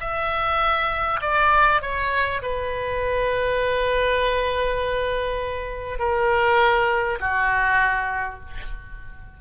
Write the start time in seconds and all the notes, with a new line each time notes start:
0.00 E5
1.22 D5
1.82 C#5
2.42 B4
5.99 A#4
7.20 F#4